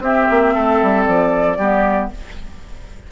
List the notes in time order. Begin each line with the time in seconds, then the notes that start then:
0.00 C4 G4 E5
0.31 A#3
0.55 A3 A4
0.82 G3
1.05 F3 D5
1.58 G3 B3 G4